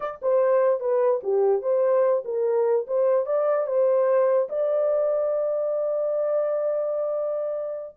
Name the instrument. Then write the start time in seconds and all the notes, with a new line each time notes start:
horn
0.00 D5
0.22 C5
0.80 B4
1.23 G4
1.62 C5
2.24 A#4
2.87 C5
3.26 D5
3.67 C5
4.49 D5